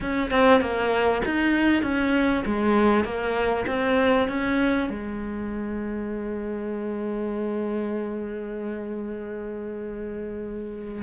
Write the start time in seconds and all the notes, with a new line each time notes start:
0.00 C#4
0.30 C4
0.60 A#3
1.25 D#4
1.82 C#4
2.45 G#3
3.04 A#3
3.67 C4
4.28 C#4
4.89 G#3